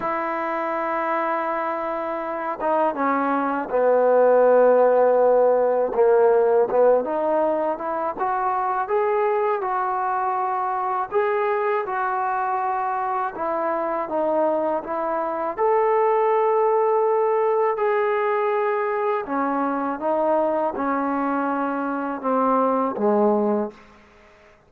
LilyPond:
\new Staff \with { instrumentName = "trombone" } { \time 4/4 \tempo 4 = 81 e'2.~ e'8 dis'8 | cis'4 b2. | ais4 b8 dis'4 e'8 fis'4 | gis'4 fis'2 gis'4 |
fis'2 e'4 dis'4 | e'4 a'2. | gis'2 cis'4 dis'4 | cis'2 c'4 gis4 | }